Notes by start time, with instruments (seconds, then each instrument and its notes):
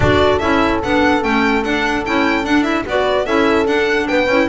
0.00 double bass D4, clarinet F#4, horn A4, violin D5
0.39 double bass C#4, clarinet E4, violin E5
0.83 double bass B3, clarinet D4, violin F#5
1.22 double bass A3, clarinet C#4, violin G5
1.63 clarinet D4, double bass D4, violin F#5
2.05 double bass C#4, clarinet E4, violin G5
2.43 clarinet D4, double bass D4, violin F#5
2.62 clarinet E4, violin E5
2.85 double bass B3, clarinet F#4, horn B4, violin D5
3.25 double bass C#4, clarinet E4, horn A4, violin E5
3.65 clarinet D4, double bass D4, violin F#5
4.07 double bass B3, horn B4, violin G5
4.27 double bass C#4, clarinet E4